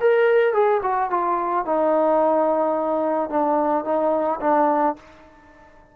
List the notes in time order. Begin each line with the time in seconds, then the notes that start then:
0.00 A#4
0.53 G#4
0.83 F#4
1.10 F4
1.65 D#4
3.30 D4
3.85 D#4
4.41 D4